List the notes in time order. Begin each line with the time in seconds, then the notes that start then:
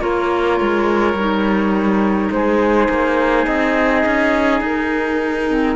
0.00 A#3 F4 A#4 C#5
0.61 G#3
1.14 G3 D#4
2.31 G#3 G#4 C5
2.89 A#3
3.45 C4 D#5
4.06 C#4
4.61 D#4 A#4
5.50 C4